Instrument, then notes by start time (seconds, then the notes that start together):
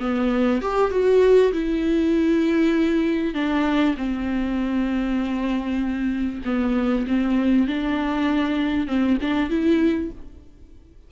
viola
0.00 B3
0.62 G4
0.91 F#4
1.53 E4
3.35 D4
3.97 C4
6.46 B3
7.08 C4
7.68 D4
8.88 C4
9.22 D4
9.50 E4